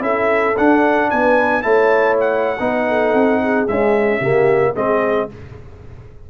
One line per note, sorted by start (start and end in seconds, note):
0.00 0.55 C#4
0.00 0.54 E4
0.00 1.11 A4
0.00 0.57 E5
0.57 1.12 D4
0.57 1.62 D4
0.57 1.10 F#5
1.10 1.64 B3
1.10 1.64 B4
1.10 1.62 G#5
1.62 2.59 A3
1.62 2.57 E4
1.62 2.59 C#5
1.62 2.16 A5
2.20 3.67 F#5
2.59 3.14 B3
2.59 3.68 D#4
2.59 2.87 B4
2.88 3.42 A4
3.14 3.68 C4
3.42 4.19 G#4
3.67 4.21 G#3
3.67 4.20 C#4
3.67 4.76 E5
4.19 4.75 C#3
4.19 4.75 A#3
4.19 4.74 G4
4.74 5.30 G#3
4.74 5.29 C4
4.74 5.28 G#4
4.74 5.30 D#5